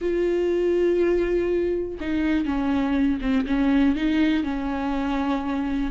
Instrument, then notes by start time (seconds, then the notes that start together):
viola
0.01 F4
2.00 D#4
2.45 C#4
3.21 C4
3.46 C#4
3.95 D#4
4.43 C#4